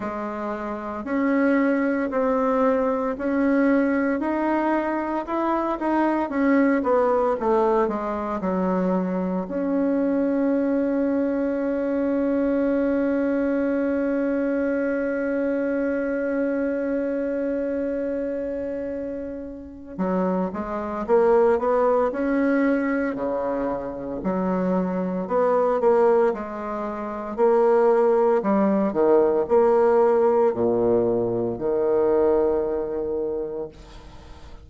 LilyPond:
\new Staff \with { instrumentName = "bassoon" } { \time 4/4 \tempo 4 = 57 gis4 cis'4 c'4 cis'4 | dis'4 e'8 dis'8 cis'8 b8 a8 gis8 | fis4 cis'2.~ | cis'1~ |
cis'2. fis8 gis8 | ais8 b8 cis'4 cis4 fis4 | b8 ais8 gis4 ais4 g8 dis8 | ais4 ais,4 dis2 | }